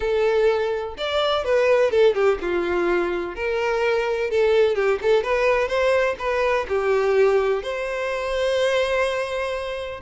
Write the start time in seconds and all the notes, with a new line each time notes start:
0.00 A4
0.97 D5
1.44 B4
1.90 A4
2.14 G4
2.41 F4
3.35 A#4
4.30 A4
4.75 G4
5.02 A4
5.23 B4
5.68 C5
6.18 B4
6.68 G4
7.62 C5